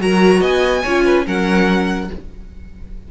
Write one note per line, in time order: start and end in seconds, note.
0.00 0.42 F#3
0.00 0.83 F#4
0.00 0.41 A#4
0.00 0.43 A#5
0.41 0.83 B3
0.41 0.83 D#5
0.41 1.27 G#5
0.83 1.27 C#4
0.83 1.26 F4
0.83 1.04 C#5
1.05 1.26 B4
1.26 2.11 F#3
1.26 2.09 C#4
1.26 2.10 A#4
1.26 2.12 F#5